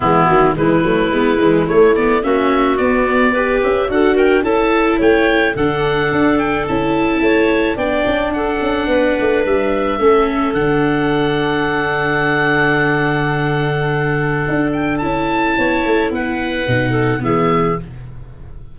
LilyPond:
<<
  \new Staff \with { instrumentName = "oboe" } { \time 4/4 \tempo 4 = 108 e'4 b'2 cis''8 d''8 | e''4 d''4. e''8 fis''8 g''8 | a''4 g''4 fis''4. g''8 | a''2 g''4 fis''4~ |
fis''4 e''2 fis''4~ | fis''1~ | fis''2~ fis''8 g''8 a''4~ | a''4 fis''2 e''4 | }
  \new Staff \with { instrumentName = "clarinet" } { \time 4/4 b4 e'2. | fis'2 b'4 a'8 ais'8 | a'4 cis''4 a'2~ | a'4 cis''4 d''4 a'4 |
b'2 a'2~ | a'1~ | a'1 | cis''4 b'4. a'8 gis'4 | }
  \new Staff \with { instrumentName = "viola" } { \time 4/4 gis8 fis8 gis8 a8 b8 gis8 a8 b8 | cis'4 b4 g'4 fis'4 | e'2 d'2 | e'2 d'2~ |
d'2 cis'4 d'4~ | d'1~ | d'2. e'4~ | e'2 dis'4 b4 | }
  \new Staff \with { instrumentName = "tuba" } { \time 4/4 e8 dis8 e8 fis8 gis8 e8 a4 | ais4 b4. cis'8 d'4 | cis'4 a4 d4 d'4 | cis'4 a4 b8 cis'8 d'8 cis'8 |
b8 a8 g4 a4 d4~ | d1~ | d2 d'4 cis'4 | b8 a8 b4 b,4 e4 | }
>>